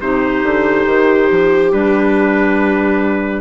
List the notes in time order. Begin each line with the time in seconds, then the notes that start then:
0.00 C3 D#4 G4 C5
0.43 D3
0.86 D#3
1.30 F3
1.72 G3 D4 B4